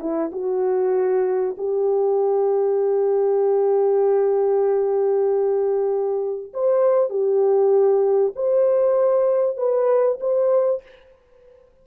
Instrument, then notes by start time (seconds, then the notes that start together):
horn
0.00 E4
0.32 F#4
1.58 G4
6.54 C5
7.10 G4
8.36 C5
9.57 B4
10.21 C5